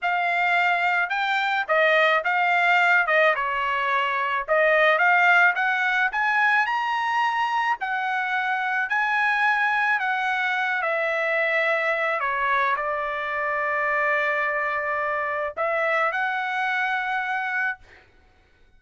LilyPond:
\new Staff \with { instrumentName = "trumpet" } { \time 4/4 \tempo 4 = 108 f''2 g''4 dis''4 | f''4. dis''8 cis''2 | dis''4 f''4 fis''4 gis''4 | ais''2 fis''2 |
gis''2 fis''4. e''8~ | e''2 cis''4 d''4~ | d''1 | e''4 fis''2. | }